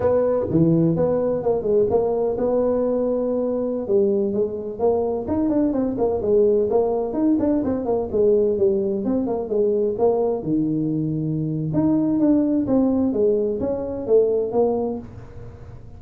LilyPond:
\new Staff \with { instrumentName = "tuba" } { \time 4/4 \tempo 4 = 128 b4 e4 b4 ais8 gis8 | ais4 b2.~ | b16 g4 gis4 ais4 dis'8 d'16~ | d'16 c'8 ais8 gis4 ais4 dis'8 d'16~ |
d'16 c'8 ais8 gis4 g4 c'8 ais16~ | ais16 gis4 ais4 dis4.~ dis16~ | dis4 dis'4 d'4 c'4 | gis4 cis'4 a4 ais4 | }